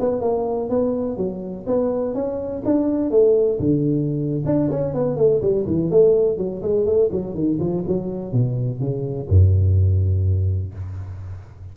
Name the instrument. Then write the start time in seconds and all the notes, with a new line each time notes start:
tuba
0.00 B3
0.21 A#3
0.70 B3
1.17 F#3
1.67 B3
2.14 C#4
2.65 D4
3.11 A3
3.59 D3
4.46 D4
4.71 C#4
4.94 B3
5.17 A3
5.41 G3
5.67 E3
5.91 A3
6.38 F#3
6.62 G#3
6.86 A3
7.12 F#3
7.35 D#3
7.60 F3
7.88 F#3
8.32 B2
8.80 C#3
9.29 F#2